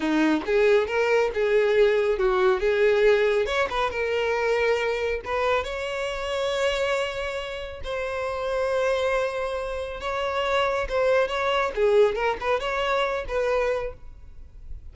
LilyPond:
\new Staff \with { instrumentName = "violin" } { \time 4/4 \tempo 4 = 138 dis'4 gis'4 ais'4 gis'4~ | gis'4 fis'4 gis'2 | cis''8 b'8 ais'2. | b'4 cis''2.~ |
cis''2 c''2~ | c''2. cis''4~ | cis''4 c''4 cis''4 gis'4 | ais'8 b'8 cis''4. b'4. | }